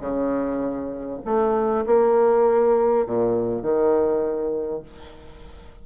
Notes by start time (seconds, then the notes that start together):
0.00 C#3
1.25 A3
1.86 A#3
3.06 A#2
3.62 D#3